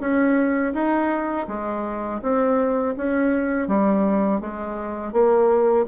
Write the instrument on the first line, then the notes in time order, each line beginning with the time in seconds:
bassoon
0.00 C#4
0.74 D#4
1.48 G#3
2.22 C4
2.97 C#4
3.68 G3
4.41 G#3
5.13 A#3